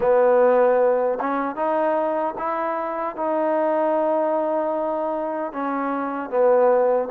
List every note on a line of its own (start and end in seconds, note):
0.00 1.18 B3
1.19 1.55 C#4
1.55 2.34 D#4
2.38 3.16 E4
3.16 5.52 D#4
5.52 6.29 C#4
6.29 7.08 B3